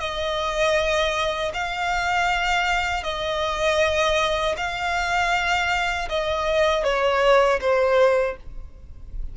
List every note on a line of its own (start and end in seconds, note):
0.00 1.52 D#5
1.54 3.04 F5
3.04 4.56 D#5
4.57 6.09 F5
6.09 6.84 D#5
6.84 7.60 C#5
7.61 8.37 C5